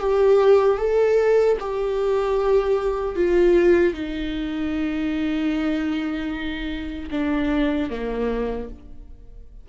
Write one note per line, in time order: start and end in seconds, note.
0.00 0.79 G4
0.79 1.58 A4
1.60 3.16 G4
3.16 3.94 F4
3.94 7.10 D#4
7.11 7.90 D4
7.90 8.69 A#3